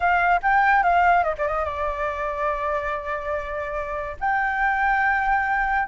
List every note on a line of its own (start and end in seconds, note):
0.00 0.40 F5
0.42 0.83 G5
0.83 1.23 F5
1.23 1.34 D#5
1.38 1.47 D5
1.47 1.65 D#5
1.65 4.16 D5
4.20 5.87 G5